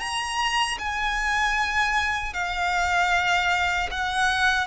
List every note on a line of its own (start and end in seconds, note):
0.00 0.78 A#5
0.79 2.34 G#5
2.34 3.90 F5
3.91 4.67 F#5